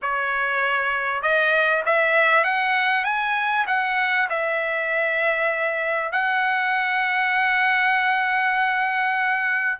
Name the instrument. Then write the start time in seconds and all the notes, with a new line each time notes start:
trumpet
0.02 C#5
1.22 D#5
1.85 E5
2.44 F#5
3.04 G#5
3.67 F#5
4.29 E5
6.12 F#5